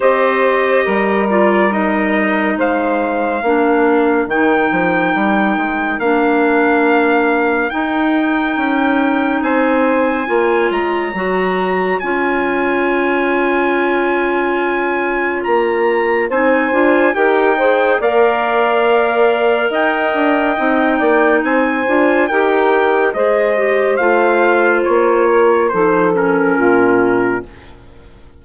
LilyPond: <<
  \new Staff \with { instrumentName = "trumpet" } { \time 4/4 \tempo 4 = 70 dis''4. d''8 dis''4 f''4~ | f''4 g''2 f''4~ | f''4 g''2 gis''4~ | gis''8 ais''4. gis''2~ |
gis''2 ais''4 gis''4 | g''4 f''2 g''4~ | g''4 gis''4 g''4 dis''4 | f''4 cis''4 c''8 ais'4. | }
  \new Staff \with { instrumentName = "saxophone" } { \time 4/4 c''4 ais'2 c''4 | ais'1~ | ais'2. c''4 | cis''1~ |
cis''2. c''4 | ais'8 c''8 d''2 dis''4~ | dis''8 d''8 c''4 ais'4 c''4~ | c''4. ais'8 a'4 f'4 | }
  \new Staff \with { instrumentName = "clarinet" } { \time 4/4 g'4. f'8 dis'2 | d'4 dis'2 d'4~ | d'4 dis'2. | f'4 fis'4 f'2~ |
f'2. dis'8 f'8 | g'8 gis'8 ais'2. | dis'4. f'8 g'4 gis'8 g'8 | f'2 dis'8 cis'4. | }
  \new Staff \with { instrumentName = "bassoon" } { \time 4/4 c'4 g2 gis4 | ais4 dis8 f8 g8 gis8 ais4~ | ais4 dis'4 cis'4 c'4 | ais8 gis8 fis4 cis'2~ |
cis'2 ais4 c'8 d'8 | dis'4 ais2 dis'8 d'8 | c'8 ais8 c'8 d'8 dis'4 gis4 | a4 ais4 f4 ais,4 | }
>>